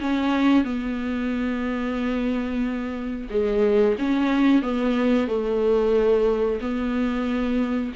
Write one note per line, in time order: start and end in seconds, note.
0.00 0.64 C#4
0.64 3.28 B3
3.30 3.96 G#3
3.98 4.62 C#4
4.62 5.27 B3
5.27 6.59 A3
6.60 7.92 B3